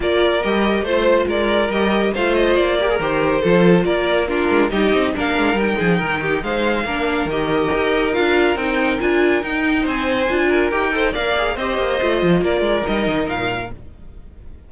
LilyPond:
<<
  \new Staff \with { instrumentName = "violin" } { \time 4/4 \tempo 4 = 140 d''4 dis''4 c''4 d''4 | dis''4 f''8 dis''8 d''4 c''4~ | c''4 d''4 ais'4 dis''4 | f''4 g''2 f''4~ |
f''4 dis''2 f''4 | g''4 gis''4 g''4 gis''4~ | gis''4 g''4 f''4 dis''4~ | dis''4 d''4 dis''4 f''4 | }
  \new Staff \with { instrumentName = "violin" } { \time 4/4 ais'2 c''4 ais'4~ | ais'4 c''4. ais'4. | a'4 ais'4 f'4 g'4 | ais'4. gis'8 ais'8 g'8 c''4 |
ais'1~ | ais'2. c''4~ | c''8 ais'4 c''8 d''4 c''4~ | c''4 ais'2. | }
  \new Staff \with { instrumentName = "viola" } { \time 4/4 f'4 g'4 f'2 | g'4 f'4. g'16 gis'16 g'4 | f'2 d'4 dis'4 | d'4 dis'2. |
d'4 g'2 f'4 | dis'4 f'4 dis'2 | f'4 g'8 a'8 ais'8 gis'8 g'4 | f'2 dis'2 | }
  \new Staff \with { instrumentName = "cello" } { \time 4/4 ais4 g4 a4 gis4 | g4 a4 ais4 dis4 | f4 ais4. gis8 g8 c'8 | ais8 gis8 g8 f8 dis4 gis4 |
ais4 dis4 dis'4 d'4 | c'4 d'4 dis'4 c'4 | d'4 dis'4 ais4 c'8 ais8 | a8 f8 ais8 gis8 g8 dis8 ais,4 | }
>>